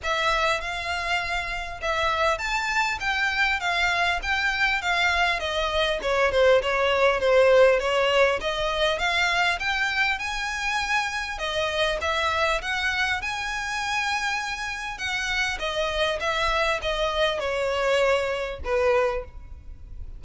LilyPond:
\new Staff \with { instrumentName = "violin" } { \time 4/4 \tempo 4 = 100 e''4 f''2 e''4 | a''4 g''4 f''4 g''4 | f''4 dis''4 cis''8 c''8 cis''4 | c''4 cis''4 dis''4 f''4 |
g''4 gis''2 dis''4 | e''4 fis''4 gis''2~ | gis''4 fis''4 dis''4 e''4 | dis''4 cis''2 b'4 | }